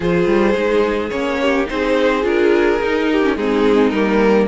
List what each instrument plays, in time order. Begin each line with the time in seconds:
0.00 cello F3, viola F4, violin G#4 C5
0.26 cello G3
0.54 cello G#3, viola D#4
1.10 cello A#3, viola C#4, violin C#5
1.41 violin G4
1.66 cello C4, viola D#4, violin G#4 C5
2.21 cello D4, viola F4, violin A#4
2.80 cello D#4, viola D#4
3.11 violin G4
3.22 viola C#4
3.36 cello G#3, viola C4, violin D#4 G#4
3.90 cello G3, viola A#3, violin A#4